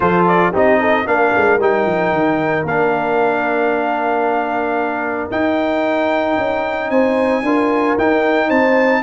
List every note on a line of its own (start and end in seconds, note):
0.00 0.52 F3
0.00 0.53 F4
0.00 0.52 A4
0.00 0.26 C5
0.27 0.53 D5
0.52 1.06 C4
0.52 1.06 D#4
0.52 0.78 G4
0.52 1.07 D#5
0.79 1.05 A4
1.05 1.32 A#3
1.05 1.59 D4
1.05 6.89 A#4
1.05 1.60 F5
1.36 1.59 G#3
1.59 1.85 G3
1.59 2.66 D#4
1.59 2.66 G5
1.85 2.12 F3
2.12 2.63 D#3
2.63 5.29 A#3
2.63 5.31 D4
2.63 5.31 F5
5.30 6.37 D#4
5.30 7.43 D#4
5.30 6.90 G5
6.37 6.90 C#4
6.90 7.42 C4
6.90 7.44 C5
6.90 7.96 G#5
7.42 7.96 D4
7.42 7.98 F4
7.42 8.48 A#4
7.97 8.50 D#4
7.97 9.02 D#4
7.97 8.49 G5
8.48 9.02 C4
8.48 9.01 C5
8.48 9.02 A5